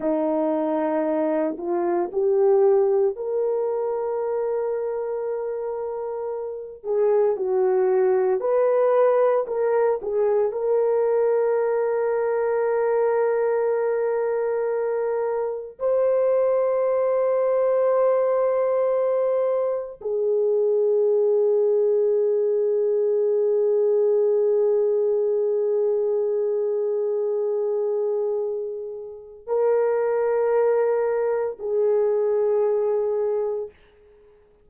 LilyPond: \new Staff \with { instrumentName = "horn" } { \time 4/4 \tempo 4 = 57 dis'4. f'8 g'4 ais'4~ | ais'2~ ais'8 gis'8 fis'4 | b'4 ais'8 gis'8 ais'2~ | ais'2. c''4~ |
c''2. gis'4~ | gis'1~ | gis'1 | ais'2 gis'2 | }